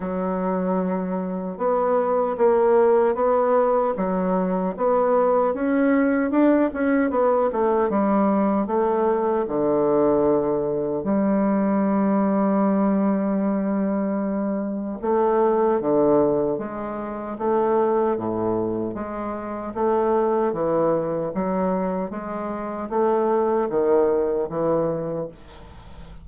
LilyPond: \new Staff \with { instrumentName = "bassoon" } { \time 4/4 \tempo 4 = 76 fis2 b4 ais4 | b4 fis4 b4 cis'4 | d'8 cis'8 b8 a8 g4 a4 | d2 g2~ |
g2. a4 | d4 gis4 a4 a,4 | gis4 a4 e4 fis4 | gis4 a4 dis4 e4 | }